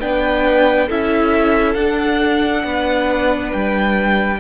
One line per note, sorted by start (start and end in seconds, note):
0.00 0.89 B3
0.00 0.89 D4
0.00 0.87 B4
0.00 0.89 G5
0.87 1.75 C#4
0.87 1.77 E4
0.87 2.64 A4
0.87 1.74 E5
1.74 2.63 D4
1.74 4.40 D4
1.74 3.50 F#5
2.63 3.51 B3
2.63 4.40 B4
3.52 4.40 G3
3.52 4.40 G5